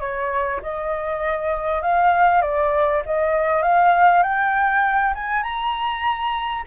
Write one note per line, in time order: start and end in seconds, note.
0.00 0.61 C#5
0.63 1.82 D#5
1.82 2.42 F5
2.42 3.02 D5
3.06 3.63 D#5
3.63 4.23 F5
4.23 5.14 G5
5.15 5.43 G#5
5.43 6.64 A#5